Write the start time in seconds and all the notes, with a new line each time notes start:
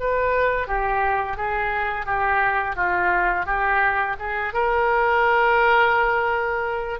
0.00 B4
0.68 G4
1.37 G#4
2.06 G4
2.76 F4
3.46 G4
4.19 G#4
4.54 A#4